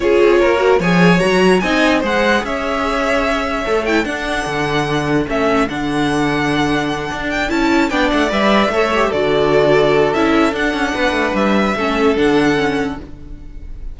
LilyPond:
<<
  \new Staff \with { instrumentName = "violin" } { \time 4/4 \tempo 4 = 148 cis''2 gis''4 ais''4 | gis''4 fis''4 e''2~ | e''4. g''8 fis''2~ | fis''4 e''4 fis''2~ |
fis''2 g''8 a''4 g''8 | fis''8 e''2 d''4.~ | d''4 e''4 fis''2 | e''2 fis''2 | }
  \new Staff \with { instrumentName = "violin" } { \time 4/4 gis'4 ais'4 cis''2 | dis''4 c''4 cis''2~ | cis''2 a'2~ | a'1~ |
a'2.~ a'8 d''8~ | d''4. cis''4 a'4.~ | a'2. b'4~ | b'4 a'2. | }
  \new Staff \with { instrumentName = "viola" } { \time 4/4 f'4. fis'8 gis'4 fis'4 | dis'4 gis'2.~ | gis'4 a'8 e'8 d'2~ | d'4 cis'4 d'2~ |
d'2~ d'8 e'4 d'8~ | d'8 b'4 a'8 g'8 fis'4.~ | fis'4 e'4 d'2~ | d'4 cis'4 d'4 cis'4 | }
  \new Staff \with { instrumentName = "cello" } { \time 4/4 cis'8 c'8 ais4 f4 fis4 | c'4 gis4 cis'2~ | cis'4 a4 d'4 d4~ | d4 a4 d2~ |
d4. d'4 cis'4 b8 | a8 g4 a4 d4.~ | d4 cis'4 d'8 cis'8 b8 a8 | g4 a4 d2 | }
>>